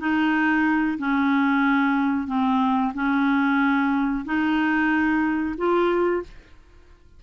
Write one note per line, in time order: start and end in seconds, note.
0.00 0.98 D#4
0.98 2.27 C#4
2.27 2.93 C4
2.94 4.25 C#4
4.25 5.56 D#4
5.57 6.23 F4